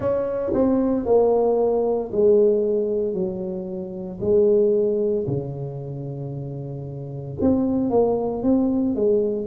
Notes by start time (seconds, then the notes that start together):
0.00 C#4
0.53 C4
1.05 A#3
2.11 G#3
3.13 F#3
4.20 G#3
5.27 C#3
7.40 C4
7.89 A#3
8.43 C4
8.95 G#3